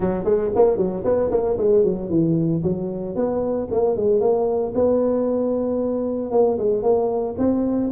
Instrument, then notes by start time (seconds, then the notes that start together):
tuba
0.00 F#3
0.24 G#3
0.55 A#3
0.77 F#3
1.04 B3
1.31 A#3
1.57 G#3
1.83 F#3
2.09 E3
2.63 F#3
3.15 B3
3.71 A#3
3.96 G#3
4.20 A#3
4.74 B3
6.31 A#3
6.58 G#3
6.82 A#3
7.38 C4